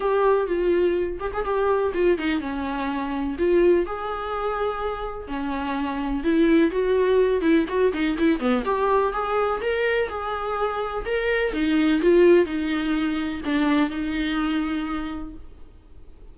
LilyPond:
\new Staff \with { instrumentName = "viola" } { \time 4/4 \tempo 4 = 125 g'4 f'4. g'16 gis'16 g'4 | f'8 dis'8 cis'2 f'4 | gis'2. cis'4~ | cis'4 e'4 fis'4. e'8 |
fis'8 dis'8 e'8 b8 g'4 gis'4 | ais'4 gis'2 ais'4 | dis'4 f'4 dis'2 | d'4 dis'2. | }